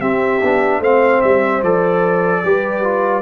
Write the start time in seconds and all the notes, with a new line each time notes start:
0.00 C4 G4 E5
0.43 B3 D4
0.80 A3 C4 C5 F5
1.21 G3 E5
1.62 F3 A4 D5
2.44 G3 G4 B4
2.84 F4